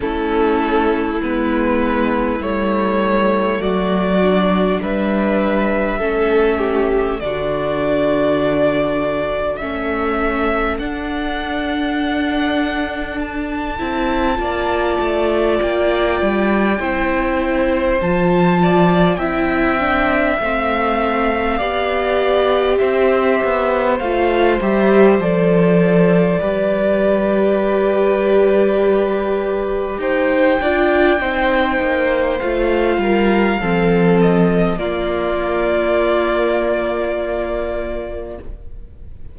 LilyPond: <<
  \new Staff \with { instrumentName = "violin" } { \time 4/4 \tempo 4 = 50 a'4 b'4 cis''4 d''4 | e''2 d''2 | e''4 fis''2 a''4~ | a''4 g''2 a''4 |
g''4 f''2 e''4 | f''8 e''8 d''2.~ | d''4 g''2 f''4~ | f''8 dis''8 d''2. | }
  \new Staff \with { instrumentName = "violin" } { \time 4/4 e'2. fis'4 | b'4 a'8 g'8 fis'2 | a'1 | d''2 c''4. d''8 |
e''2 d''4 c''4~ | c''2 b'2~ | b'4 c''8 d''8 c''4. ais'8 | a'4 f'2. | }
  \new Staff \with { instrumentName = "viola" } { \time 4/4 cis'4 b4 a4. d'8~ | d'4 cis'4 d'2 | cis'4 d'2~ d'8 e'8 | f'2 e'4 f'4 |
e'8 d'8 c'4 g'2 | f'8 g'8 a'4 g'2~ | g'4. f'8 dis'4 f'4 | c'4 ais2. | }
  \new Staff \with { instrumentName = "cello" } { \time 4/4 a4 gis4 g4 fis4 | g4 a4 d2 | a4 d'2~ d'8 c'8 | ais8 a8 ais8 g8 c'4 f4 |
c'4 a4 b4 c'8 b8 | a8 g8 f4 g2~ | g4 dis'8 d'8 c'8 ais8 a8 g8 | f4 ais2. | }
>>